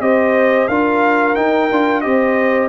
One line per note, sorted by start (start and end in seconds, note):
0.00 0.67 C4
0.00 0.68 G4
0.00 0.69 C5
0.00 0.67 D#5
0.67 1.35 D4
0.67 1.35 F4
0.67 2.04 A#4
0.67 1.35 F5
1.35 1.69 D#4
1.35 1.70 D#4
1.35 2.01 G5
1.71 2.04 D4
1.71 2.02 F4
2.01 2.69 C4
2.01 2.69 G4
2.01 2.69 C5
2.01 2.68 D#5